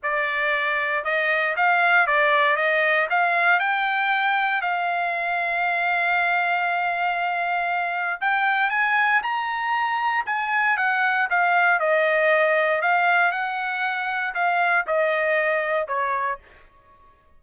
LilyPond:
\new Staff \with { instrumentName = "trumpet" } { \time 4/4 \tempo 4 = 117 d''2 dis''4 f''4 | d''4 dis''4 f''4 g''4~ | g''4 f''2.~ | f''1 |
g''4 gis''4 ais''2 | gis''4 fis''4 f''4 dis''4~ | dis''4 f''4 fis''2 | f''4 dis''2 cis''4 | }